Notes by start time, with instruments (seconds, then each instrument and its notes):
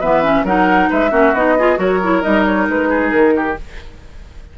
0.00 bassoon E3, clarinet B3, oboe B4, flute E5
0.23 clarinet C#4
0.44 bassoon F#3, clarinet D#4, oboe A#4, flute F#5
0.90 bassoon G#3, oboe B4, flute E5
1.10 bassoon A#3, clarinet C#4, oboe F#4
1.33 bassoon B3, clarinet D#4, flute D#5
1.59 clarinet F4, oboe G#4
1.76 bassoon F#3, clarinet F#4, oboe A#4, flute C#5
2.03 clarinet E4
2.22 bassoon G3, clarinet D#4, flute D#5
2.45 flute C#5
2.68 bassoon G#3, flute B4
2.89 oboe G#4
3.10 bassoon D#3, flute A#4
3.36 oboe G4